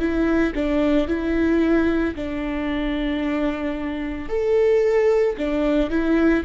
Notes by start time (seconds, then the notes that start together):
0.00 E4
0.55 D4
1.08 E4
2.15 D4
4.29 A4
5.38 D4
5.90 E4